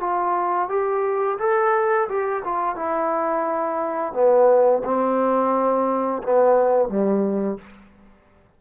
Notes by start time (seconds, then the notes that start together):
0.00 F4
0.69 G4
1.39 A4
2.09 G4
2.44 F4
2.76 E4
4.13 B3
4.85 C4
6.23 B3
6.89 G3